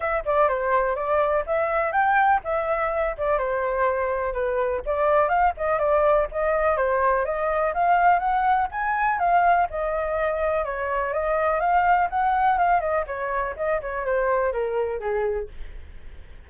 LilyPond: \new Staff \with { instrumentName = "flute" } { \time 4/4 \tempo 4 = 124 e''8 d''8 c''4 d''4 e''4 | g''4 e''4. d''8 c''4~ | c''4 b'4 d''4 f''8 dis''8 | d''4 dis''4 c''4 dis''4 |
f''4 fis''4 gis''4 f''4 | dis''2 cis''4 dis''4 | f''4 fis''4 f''8 dis''8 cis''4 | dis''8 cis''8 c''4 ais'4 gis'4 | }